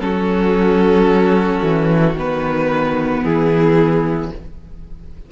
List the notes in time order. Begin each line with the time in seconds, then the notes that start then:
0.00 F#3 C#4 F#4 A4
1.63 E3
2.14 D#3 B3 B4
3.23 E3 E4 G#4